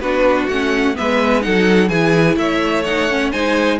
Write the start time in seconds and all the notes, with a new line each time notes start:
0.00 B3 D4 F#4 B4
0.48 A3 C#4 F#5
0.95 G#3 B3 B4 E5
1.42 F#3 D#4 A4 F#5
1.89 E3 E4 G#4 G#5
2.37 A3 C#5 E5
2.85 D#4 F#5
3.10 C#4
3.32 G#3 D#4 C5 G#5